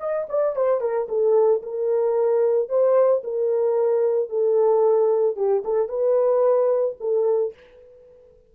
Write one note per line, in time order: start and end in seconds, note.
0.00 0.27 D#5
0.29 0.56 D5
0.56 0.81 C5
0.81 1.07 A#4
1.09 1.62 A4
1.63 2.69 A#4
2.69 3.23 C5
3.24 4.29 A#4
4.29 5.36 A4
5.36 5.63 G4
5.64 5.89 A4
5.89 6.96 B4
7.00 7.54 A4